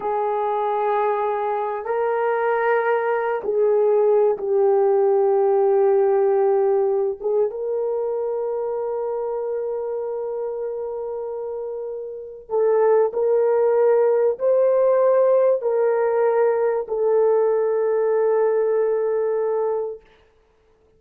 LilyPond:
\new Staff \with { instrumentName = "horn" } { \time 4/4 \tempo 4 = 96 gis'2. ais'4~ | ais'4. gis'4. g'4~ | g'2.~ g'8 gis'8 | ais'1~ |
ais'1 | a'4 ais'2 c''4~ | c''4 ais'2 a'4~ | a'1 | }